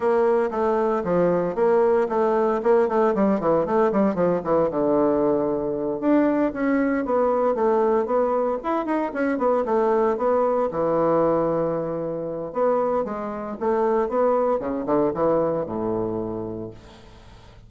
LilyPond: \new Staff \with { instrumentName = "bassoon" } { \time 4/4 \tempo 4 = 115 ais4 a4 f4 ais4 | a4 ais8 a8 g8 e8 a8 g8 | f8 e8 d2~ d8 d'8~ | d'8 cis'4 b4 a4 b8~ |
b8 e'8 dis'8 cis'8 b8 a4 b8~ | b8 e2.~ e8 | b4 gis4 a4 b4 | cis8 d8 e4 a,2 | }